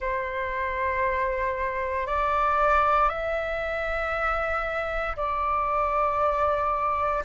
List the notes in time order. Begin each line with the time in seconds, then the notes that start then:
0.00 C5
2.06 D5
3.08 E5
5.16 D5